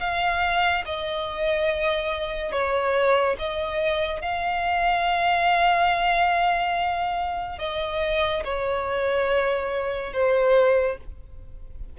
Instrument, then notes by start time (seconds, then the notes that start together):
violin
0.00 F5
0.86 D#5
2.52 C#5
3.39 D#5
4.22 F5
7.59 D#5
8.44 C#5
10.13 C5